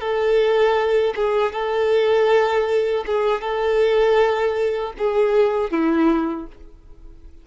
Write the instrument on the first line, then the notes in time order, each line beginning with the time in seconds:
violin
0.00 A4
1.15 G#4
1.52 A4
3.06 G#4
3.41 A4
4.98 G#4
5.71 E4